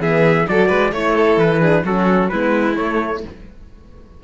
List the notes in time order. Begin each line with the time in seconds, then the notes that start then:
0.00 E3 B3 G#4 E5
0.48 F#3 F#4 A4 D5
0.68 G#3 B4
0.92 A3 E4 C#5
1.15 A4
1.37 E3 B4
1.61 D4 G#4
1.84 F#3 C#4 F#4 A4
2.29 G#3 B3 E4 B4
2.76 A3 C#5